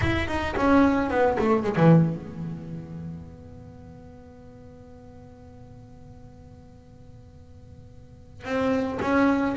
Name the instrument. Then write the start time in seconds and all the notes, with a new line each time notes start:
double bass
0.01 E4
0.27 D#4
0.56 C#4
1.09 B3
1.38 A3
1.63 G#3
1.76 E3
2.17 B3
8.44 C4
9.01 C#4